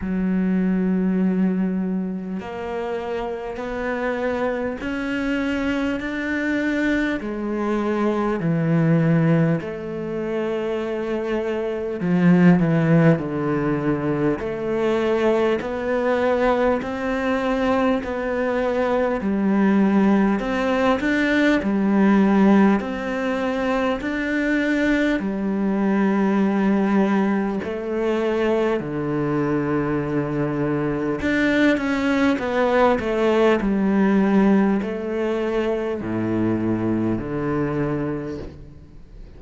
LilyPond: \new Staff \with { instrumentName = "cello" } { \time 4/4 \tempo 4 = 50 fis2 ais4 b4 | cis'4 d'4 gis4 e4 | a2 f8 e8 d4 | a4 b4 c'4 b4 |
g4 c'8 d'8 g4 c'4 | d'4 g2 a4 | d2 d'8 cis'8 b8 a8 | g4 a4 a,4 d4 | }